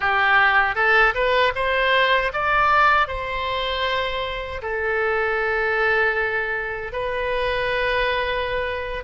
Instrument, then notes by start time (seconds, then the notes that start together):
oboe
0.00 G4
0.75 A4
1.14 B4
1.55 C5
2.33 D5
3.07 C5
4.62 A4
6.92 B4